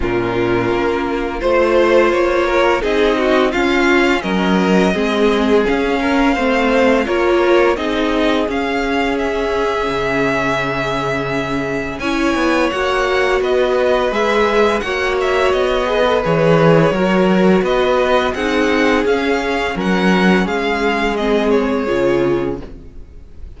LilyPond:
<<
  \new Staff \with { instrumentName = "violin" } { \time 4/4 \tempo 4 = 85 ais'2 c''4 cis''4 | dis''4 f''4 dis''2 | f''2 cis''4 dis''4 | f''4 e''2.~ |
e''4 gis''4 fis''4 dis''4 | e''4 fis''8 e''8 dis''4 cis''4~ | cis''4 dis''4 fis''4 f''4 | fis''4 f''4 dis''8 cis''4. | }
  \new Staff \with { instrumentName = "violin" } { \time 4/4 f'2 c''4. ais'8 | gis'8 fis'8 f'4 ais'4 gis'4~ | gis'8 ais'8 c''4 ais'4 gis'4~ | gis'1~ |
gis'4 cis''2 b'4~ | b'4 cis''4. b'4. | ais'4 b'4 gis'2 | ais'4 gis'2. | }
  \new Staff \with { instrumentName = "viola" } { \time 4/4 cis'2 f'2 | dis'4 cis'2 c'4 | cis'4 c'4 f'4 dis'4 | cis'1~ |
cis'4 e'4 fis'2 | gis'4 fis'4. gis'16 a'16 gis'4 | fis'2 dis'4 cis'4~ | cis'2 c'4 f'4 | }
  \new Staff \with { instrumentName = "cello" } { \time 4/4 ais,4 ais4 a4 ais4 | c'4 cis'4 fis4 gis4 | cis'4 a4 ais4 c'4 | cis'2 cis2~ |
cis4 cis'8 b8 ais4 b4 | gis4 ais4 b4 e4 | fis4 b4 c'4 cis'4 | fis4 gis2 cis4 | }
>>